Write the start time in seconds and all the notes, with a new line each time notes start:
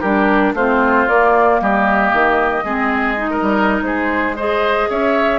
0.00 G3 D4 G4 A#4
0.53 A3 C4 F4 C5
1.08 A#3 D5
1.61 G3 G4 D#5
2.12 D#3
2.63 G#3 C4 G#4
3.16 D#4
3.30 A#4
3.41 G3
3.82 G#3 G#4 C5
4.36 G#4 C5 D#5
4.89 C#4 C#5 E5